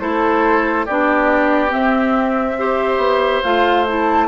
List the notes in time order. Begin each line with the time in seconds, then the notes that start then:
0.00 A3 E4 A4 C5
0.86 B3 D4 G4 D5
1.69 C4 E5
2.58 G4 C5
2.98 B3
3.43 A3 F4 F5
3.87 E4 A5